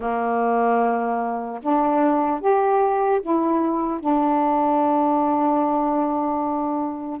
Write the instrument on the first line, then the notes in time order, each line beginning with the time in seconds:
saxophone
0.00 A#3
1.62 D4
2.40 G4
3.21 E4
4.00 D4